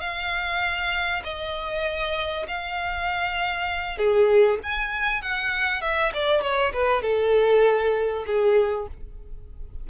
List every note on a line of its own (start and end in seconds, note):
0.00 1.22 F5
1.24 2.46 D#5
2.48 3.97 F5
3.97 4.59 G#4
4.63 5.22 G#5
5.22 5.81 F#5
5.81 6.12 E5
6.14 6.41 D5
6.41 6.72 C#5
6.73 7.02 B4
7.02 8.25 A4
8.26 8.87 G#4